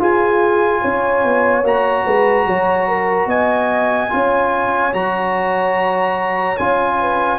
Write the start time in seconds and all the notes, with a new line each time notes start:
0.00 F4 G#4 G#5
0.82 C#4 C#5
1.25 B3
1.64 A#3 F#4 A#5
2.05 G#3 B4
2.46 F#3 C#5
2.88 A#4
3.27 B3 D#5 G#5
4.10 C#4 F4 C#5
4.93 F#3 F#4 A#5
6.58 C#4 F4 G#5
7.01 B4